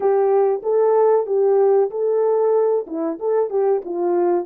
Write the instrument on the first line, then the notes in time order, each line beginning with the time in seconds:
horn
0.00 G4
0.62 A4
1.26 G4
1.90 A4
2.86 E4
3.19 A4
3.50 G4
3.85 F4